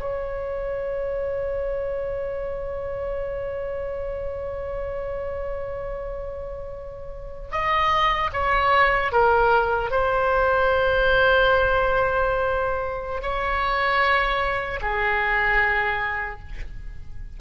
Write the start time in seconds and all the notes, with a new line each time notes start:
0.00 C#5
7.51 D#5
8.33 C#5
9.12 A#4
9.91 C5
13.22 C#5
14.82 G#4